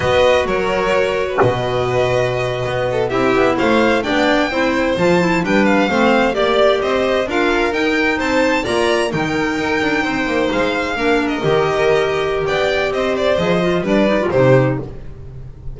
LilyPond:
<<
  \new Staff \with { instrumentName = "violin" } { \time 4/4 \tempo 4 = 130 dis''4 cis''2 dis''4~ | dis''2~ dis''8. e''4 f''16~ | f''8. g''2 a''4 g''16~ | g''16 f''4. d''4 dis''4 f''16~ |
f''8. g''4 a''4 ais''4 g''16~ | g''2~ g''8. f''4~ f''16~ | f''8 dis''2~ dis''8 g''4 | dis''8 d''8 dis''4 d''4 c''4 | }
  \new Staff \with { instrumentName = "violin" } { \time 4/4 b'4 ais'4.~ ais'16 b'4~ b'16~ | b'2~ b'16 a'8 g'4 c''16~ | c''8. d''4 c''2 b'16~ | b'8. c''4 d''4 c''4 ais'16~ |
ais'4.~ ais'16 c''4 d''4 ais'16~ | ais'4.~ ais'16 c''2 ais'16~ | ais'2. d''4 | c''2 b'4 g'4 | }
  \new Staff \with { instrumentName = "clarinet" } { \time 4/4 fis'1~ | fis'2~ fis'8. e'4~ e'16~ | e'8. d'4 e'4 f'8 e'8 d'16~ | d'8. c'4 g'2 f'16~ |
f'8. dis'2 f'4 dis'16~ | dis'2.~ dis'8. d'16~ | d'8. g'2.~ g'16~ | g'4 gis'8 f'8 d'8 dis'16 f'16 dis'4 | }
  \new Staff \with { instrumentName = "double bass" } { \time 4/4 b4 fis2 b,4~ | b,4.~ b,16 b4 c'8 b8 a16~ | a8. b4 c'4 f4 g16~ | g8. a4 ais4 c'4 d'16~ |
d'8. dis'4 c'4 ais4 dis16~ | dis8. dis'8 d'8 c'8 ais8 gis4 ais16~ | ais8. dis2~ dis16 b4 | c'4 f4 g4 c4 | }
>>